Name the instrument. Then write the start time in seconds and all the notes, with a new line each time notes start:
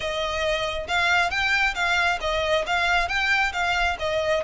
violin
0.00 D#5
0.87 F5
1.30 G5
1.74 F5
2.21 D#5
2.66 F5
3.08 G5
3.52 F5
3.99 D#5